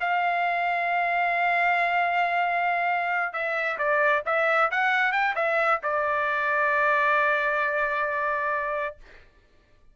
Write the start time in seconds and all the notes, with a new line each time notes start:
0.00 F5
3.33 E5
3.78 D5
4.26 E5
4.71 F#5
5.12 G5
5.35 E5
5.83 D5